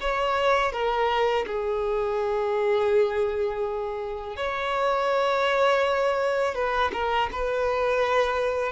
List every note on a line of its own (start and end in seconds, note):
0.00 0.72 C#5
0.72 1.45 A#4
1.46 4.36 G#4
4.36 6.54 C#5
6.54 6.91 B4
6.92 7.29 A#4
7.31 8.72 B4